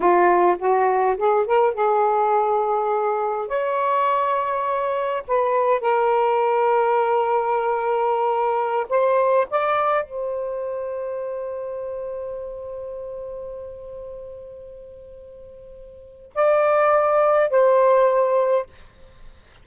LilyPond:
\new Staff \with { instrumentName = "saxophone" } { \time 4/4 \tempo 4 = 103 f'4 fis'4 gis'8 ais'8 gis'4~ | gis'2 cis''2~ | cis''4 b'4 ais'2~ | ais'2.~ ais'16 c''8.~ |
c''16 d''4 c''2~ c''8.~ | c''1~ | c''1 | d''2 c''2 | }